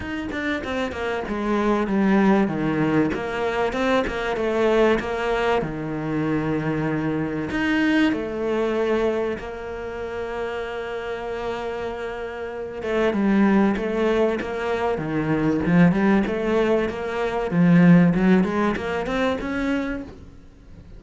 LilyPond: \new Staff \with { instrumentName = "cello" } { \time 4/4 \tempo 4 = 96 dis'8 d'8 c'8 ais8 gis4 g4 | dis4 ais4 c'8 ais8 a4 | ais4 dis2. | dis'4 a2 ais4~ |
ais1~ | ais8 a8 g4 a4 ais4 | dis4 f8 g8 a4 ais4 | f4 fis8 gis8 ais8 c'8 cis'4 | }